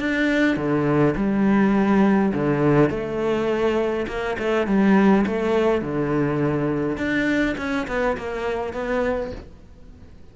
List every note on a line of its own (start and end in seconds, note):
0.00 0.57 D4
0.57 1.15 D3
1.17 2.33 G3
2.34 2.90 D3
2.90 4.07 A3
4.08 4.37 A#3
4.39 4.67 A3
4.67 5.25 G3
5.27 5.82 A3
5.82 6.97 D3
6.97 7.56 D4
7.58 7.87 C#4
7.88 8.17 B3
8.18 8.74 A#3
8.74 9.32 B3